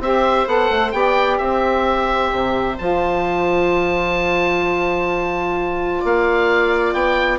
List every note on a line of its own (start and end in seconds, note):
0.00 0.46 C4
0.00 0.47 G4
0.00 0.95 C5
0.00 0.48 E5
0.47 0.70 B3
0.47 0.91 A4
0.47 0.92 F#5
0.71 0.94 A3
0.91 1.40 B3
0.91 2.76 G4
0.91 1.41 D5
0.91 1.38 G5
1.38 2.32 C4
1.38 6.01 C5
1.38 2.77 E5
2.32 2.78 C3
2.79 6.04 F3
2.79 7.39 F4
2.79 6.02 A5
6.01 6.94 A#3
6.01 7.39 D5
6.01 6.94 F5
6.94 7.39 B3
6.94 7.39 G5